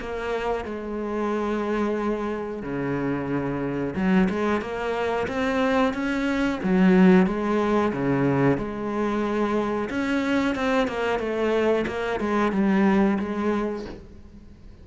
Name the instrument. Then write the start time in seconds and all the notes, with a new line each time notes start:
cello
0.00 A#3
0.65 G#3
2.63 C#3
3.96 F#3
4.30 G#3
4.62 A#3
5.28 C4
5.94 C#4
6.64 F#3
7.27 G#3
7.93 C#3
8.58 G#3
9.90 C#4
10.56 C4
10.88 A#3
11.19 A3
11.87 A#3
12.20 G#3
12.52 G3
13.20 G#3